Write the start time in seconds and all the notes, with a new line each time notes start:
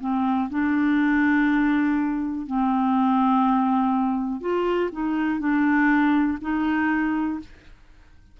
0.00 C4
0.50 D4
2.46 C4
4.40 F4
4.92 D#4
5.40 D4
6.41 D#4